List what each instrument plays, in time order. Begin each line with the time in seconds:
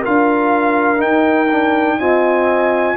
0.00 trombone F4, horn A#4, trumpet F5
0.07 tuba D4
0.97 trombone D#4, tuba D#4, trumpet G5
1.51 trombone D4
1.98 trombone C4, tuba F4, horn D#5, trumpet G#5